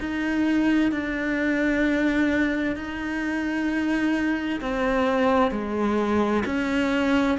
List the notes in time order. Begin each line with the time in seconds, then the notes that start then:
0.00 D#4
0.92 D4
2.76 D#4
4.61 C4
5.51 G#3
6.46 C#4